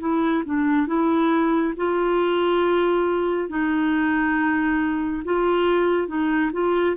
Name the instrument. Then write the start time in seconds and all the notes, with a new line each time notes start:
clarinet
0.00 E4
0.45 D4
0.87 E4
1.77 F4
3.49 D#4
5.25 F4
6.08 D#4
6.53 F4